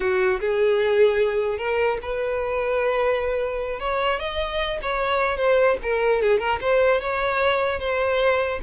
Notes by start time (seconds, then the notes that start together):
0.00 F#4
0.40 G#4
1.57 A#4
2.01 B4
3.79 C#5
4.19 D#5
4.82 C#5
5.37 C5
5.83 A#4
6.22 G#4
6.39 A#4
6.60 C5
7.01 C#5
7.79 C5